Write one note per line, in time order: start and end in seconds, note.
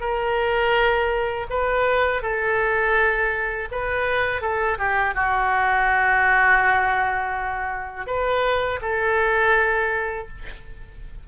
0.00 1.46 A#4
1.50 2.22 B4
2.22 3.68 A4
3.72 4.41 B4
4.41 4.78 A4
4.78 5.15 G4
5.15 8.07 F#4
8.07 8.80 B4
8.81 10.27 A4